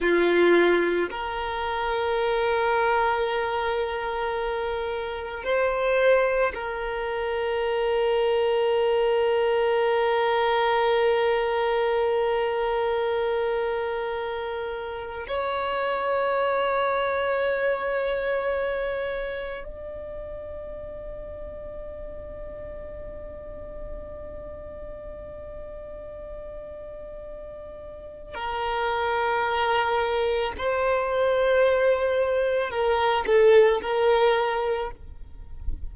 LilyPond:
\new Staff \with { instrumentName = "violin" } { \time 4/4 \tempo 4 = 55 f'4 ais'2.~ | ais'4 c''4 ais'2~ | ais'1~ | ais'2 cis''2~ |
cis''2 d''2~ | d''1~ | d''2 ais'2 | c''2 ais'8 a'8 ais'4 | }